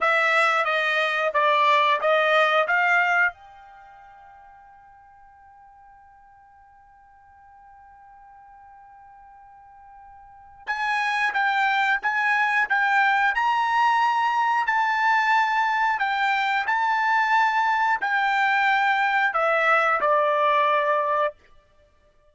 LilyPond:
\new Staff \with { instrumentName = "trumpet" } { \time 4/4 \tempo 4 = 90 e''4 dis''4 d''4 dis''4 | f''4 g''2.~ | g''1~ | g''1 |
gis''4 g''4 gis''4 g''4 | ais''2 a''2 | g''4 a''2 g''4~ | g''4 e''4 d''2 | }